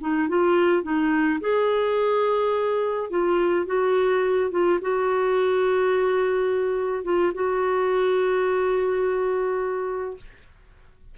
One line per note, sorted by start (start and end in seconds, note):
0.00 0.28 D#4
0.28 0.82 F4
0.82 1.39 D#4
1.40 3.10 G#4
3.10 3.66 F4
3.66 4.51 F#4
4.51 4.79 F4
4.81 7.03 F#4
7.03 7.32 F4
7.34 10.17 F#4